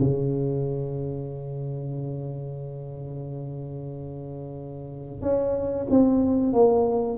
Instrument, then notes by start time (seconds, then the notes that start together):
tuba
0.00 C#3
5.22 C#4
5.90 C4
6.53 A#3